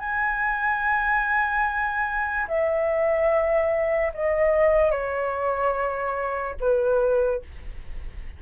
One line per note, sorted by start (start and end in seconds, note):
0.00 2.47 G#5
2.48 4.12 E5
4.14 4.91 D#5
4.91 6.56 C#5
6.60 7.42 B4